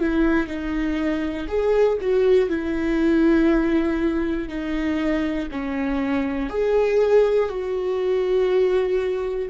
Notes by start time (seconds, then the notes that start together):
0.00 E4
0.47 D#4
1.48 G#4
2.01 F#4
2.50 E4
4.49 D#4
5.51 C#4
6.50 G#4
7.50 F#4